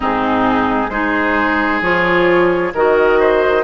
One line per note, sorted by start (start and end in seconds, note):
0.00 0.89 G#2
0.00 0.89 C4
0.00 0.90 D#4
0.00 0.89 G#4
0.89 1.80 G#3
0.89 1.82 D#4
0.89 2.73 G#4
0.89 1.80 C5
1.81 2.72 F3
1.81 2.73 F4
1.81 2.72 C#5
2.74 3.63 D#3
2.74 3.63 F#4
2.74 3.19 A#4
2.74 3.63 D#5
3.19 3.63 C5